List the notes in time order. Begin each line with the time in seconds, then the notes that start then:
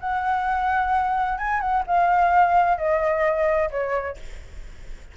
0.00 F#5
1.38 G#5
1.60 F#5
1.87 F5
2.77 D#5
3.70 C#5